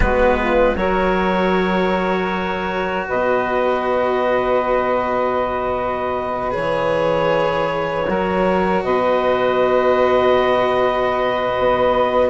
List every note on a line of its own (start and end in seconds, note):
0.00 0.75 G#3
0.00 0.75 B3
0.00 0.39 F#4
0.00 0.76 B4
0.39 0.77 F4
0.75 3.06 F#3
0.75 6.50 F#4
0.75 3.07 A#4
0.75 3.06 C#5
3.07 6.56 B2
3.07 8.07 B4
3.07 6.53 D#5
6.50 8.08 E3
6.50 8.04 G#4
6.50 8.83 C#5
8.08 8.83 F#3
8.08 12.29 F#4
8.08 8.83 A#4
8.83 11.52 B2
8.83 12.29 B4
8.83 12.29 D#5
11.58 12.29 B3